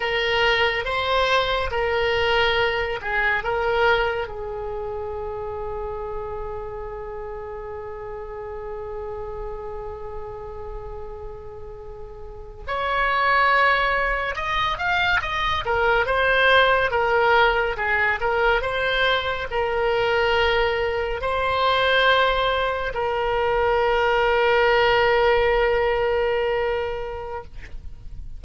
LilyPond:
\new Staff \with { instrumentName = "oboe" } { \time 4/4 \tempo 4 = 70 ais'4 c''4 ais'4. gis'8 | ais'4 gis'2.~ | gis'1~ | gis'2~ gis'8. cis''4~ cis''16~ |
cis''8. dis''8 f''8 dis''8 ais'8 c''4 ais'16~ | ais'8. gis'8 ais'8 c''4 ais'4~ ais'16~ | ais'8. c''2 ais'4~ ais'16~ | ais'1 | }